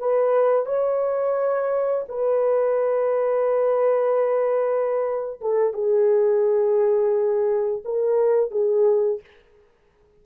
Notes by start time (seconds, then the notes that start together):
0.00 B4
0.66 C#5
2.09 B4
5.41 A4
5.74 G#4
7.85 A#4
8.51 G#4